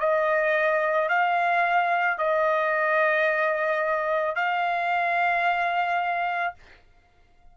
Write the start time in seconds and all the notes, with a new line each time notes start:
0.00 D#5
1.09 F5
2.18 D#5
4.35 F5